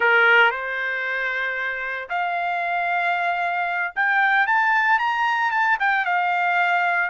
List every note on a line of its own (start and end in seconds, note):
0.00 0.50 A#4
0.50 2.08 C5
2.09 3.93 F5
3.95 4.46 G5
4.46 4.99 A5
4.99 5.51 A#5
5.51 5.77 A5
5.79 6.05 G5
6.05 7.10 F5